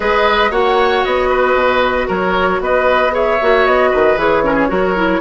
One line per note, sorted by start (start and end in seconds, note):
0.00 0.50 G#3
0.00 0.51 G#4
0.00 0.50 B4
0.00 0.52 D#5
0.50 1.02 A#3
0.50 3.11 F#4
0.50 1.28 C#5
0.50 1.04 F#5
1.04 1.55 B3
1.04 2.08 D#5
1.29 2.07 B4
1.55 2.07 B2
2.07 2.60 F#3
2.07 2.59 A#4
2.07 2.61 C#5
2.60 3.38 B3
2.60 3.13 B4
2.60 3.15 D#5
3.11 3.37 G#4
3.11 3.90 C#5
3.11 3.66 E5
3.41 3.66 A#3
3.41 4.17 F#4
3.66 3.92 B3
3.66 4.18 D#5
3.90 4.16 D#3
3.90 4.42 B4
4.16 4.68 E3
4.16 4.43 G#4
4.16 5.20 C#5
4.44 4.68 C#4
4.44 4.53 A#4
4.53 4.66 G#4
4.68 5.20 F#3
4.68 4.94 F#4
4.68 5.20 A#4
4.95 5.20 E4